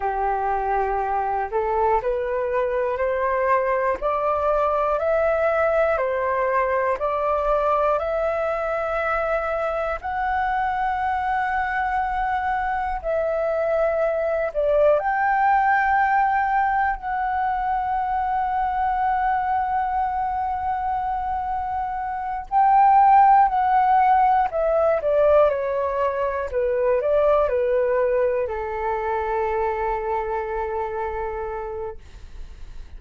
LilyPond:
\new Staff \with { instrumentName = "flute" } { \time 4/4 \tempo 4 = 60 g'4. a'8 b'4 c''4 | d''4 e''4 c''4 d''4 | e''2 fis''2~ | fis''4 e''4. d''8 g''4~ |
g''4 fis''2.~ | fis''2~ fis''8 g''4 fis''8~ | fis''8 e''8 d''8 cis''4 b'8 d''8 b'8~ | b'8 a'2.~ a'8 | }